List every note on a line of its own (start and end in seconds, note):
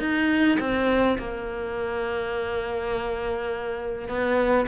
0.00 0.58 D#4
0.60 1.18 C4
1.19 4.09 A#3
4.09 4.67 B3